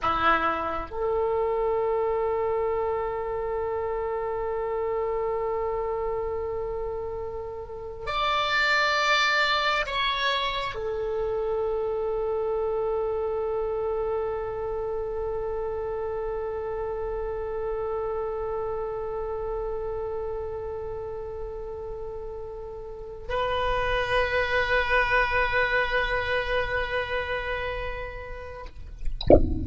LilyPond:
\new Staff \with { instrumentName = "oboe" } { \time 4/4 \tempo 4 = 67 e'4 a'2.~ | a'1~ | a'4 d''2 cis''4 | a'1~ |
a'1~ | a'1~ | a'2 b'2~ | b'1 | }